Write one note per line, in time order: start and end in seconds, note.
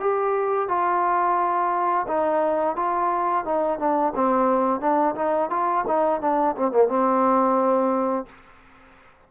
0.00 0.69 G4
0.69 2.07 F4
2.08 2.76 D#4
2.76 3.45 F4
3.45 3.79 D#4
3.79 4.13 D4
4.15 4.81 C4
4.81 5.15 D4
5.15 5.50 D#4
5.50 5.85 F4
5.87 6.21 D#4
6.21 6.55 D4
6.56 6.71 C4
6.71 6.88 A#3
6.88 8.26 C4